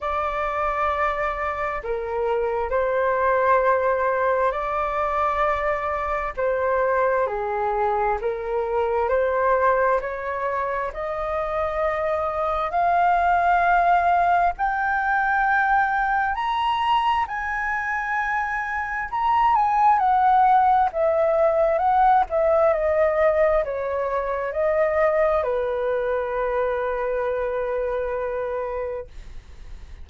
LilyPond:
\new Staff \with { instrumentName = "flute" } { \time 4/4 \tempo 4 = 66 d''2 ais'4 c''4~ | c''4 d''2 c''4 | gis'4 ais'4 c''4 cis''4 | dis''2 f''2 |
g''2 ais''4 gis''4~ | gis''4 ais''8 gis''8 fis''4 e''4 | fis''8 e''8 dis''4 cis''4 dis''4 | b'1 | }